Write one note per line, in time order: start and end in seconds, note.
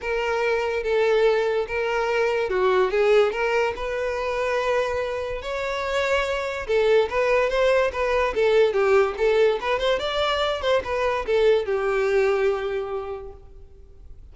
0.01 0.83 A#4
0.83 1.66 A4
1.67 2.49 A#4
2.49 2.90 F#4
2.90 3.31 G#4
3.31 3.73 A#4
3.75 5.41 B4
5.41 6.66 C#5
6.67 7.08 A4
7.09 7.49 B4
7.49 7.91 C5
7.92 8.34 B4
8.34 8.73 A4
8.73 9.14 G4
9.17 9.59 A4
9.60 9.79 B4
9.79 9.99 C5
9.99 10.61 D5
10.61 10.82 C5
10.84 11.25 B4
11.26 11.65 A4
11.65 13.32 G4